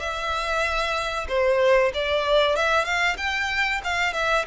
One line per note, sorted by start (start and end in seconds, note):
0.00 1.28 E5
1.29 1.93 C5
1.95 2.56 D5
2.56 2.85 E5
2.85 3.17 F5
3.18 3.82 G5
3.85 4.14 F5
4.14 4.46 E5